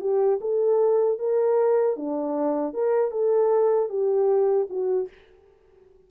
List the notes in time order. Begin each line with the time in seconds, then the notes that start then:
0.00 G4
0.40 A4
1.18 A#4
1.96 D4
2.73 A#4
3.11 A4
3.89 G4
4.69 F#4